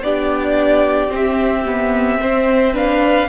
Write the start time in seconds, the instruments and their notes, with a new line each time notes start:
0.00 cello B3, viola D4, violin G4 D5
1.09 viola C4, cello C4
1.15 violin E5
1.66 viola B3
2.20 viola C4, violin C5
2.74 viola D4, violin B4 F5